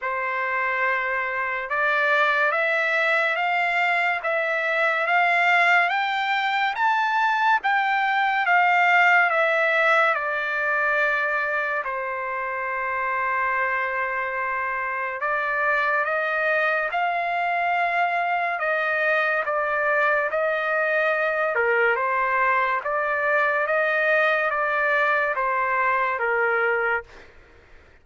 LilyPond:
\new Staff \with { instrumentName = "trumpet" } { \time 4/4 \tempo 4 = 71 c''2 d''4 e''4 | f''4 e''4 f''4 g''4 | a''4 g''4 f''4 e''4 | d''2 c''2~ |
c''2 d''4 dis''4 | f''2 dis''4 d''4 | dis''4. ais'8 c''4 d''4 | dis''4 d''4 c''4 ais'4 | }